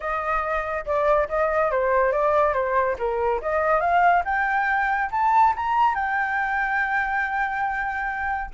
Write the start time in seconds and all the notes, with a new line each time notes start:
0.00 D#5
0.85 D5
1.28 D#5
1.71 C5
2.12 D5
2.53 C5
2.98 A#4
3.41 D#5
3.80 F5
4.24 G5
5.11 A5
5.56 A#5
5.95 G5